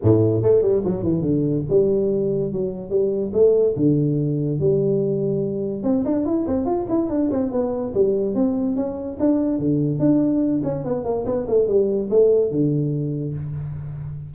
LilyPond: \new Staff \with { instrumentName = "tuba" } { \time 4/4 \tempo 4 = 144 a,4 a8 g8 fis8 e8 d4 | g2 fis4 g4 | a4 d2 g4~ | g2 c'8 d'8 e'8 c'8 |
f'8 e'8 d'8 c'8 b4 g4 | c'4 cis'4 d'4 d4 | d'4. cis'8 b8 ais8 b8 a8 | g4 a4 d2 | }